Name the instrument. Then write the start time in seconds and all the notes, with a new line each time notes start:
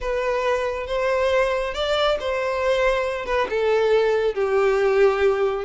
violin
0.01 B4
0.87 C5
1.74 D5
2.20 C5
3.25 B4
3.49 A4
4.34 G4